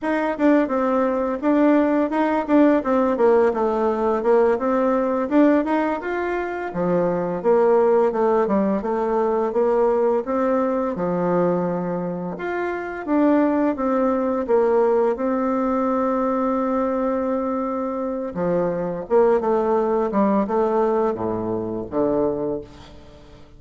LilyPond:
\new Staff \with { instrumentName = "bassoon" } { \time 4/4 \tempo 4 = 85 dis'8 d'8 c'4 d'4 dis'8 d'8 | c'8 ais8 a4 ais8 c'4 d'8 | dis'8 f'4 f4 ais4 a8 | g8 a4 ais4 c'4 f8~ |
f4. f'4 d'4 c'8~ | c'8 ais4 c'2~ c'8~ | c'2 f4 ais8 a8~ | a8 g8 a4 a,4 d4 | }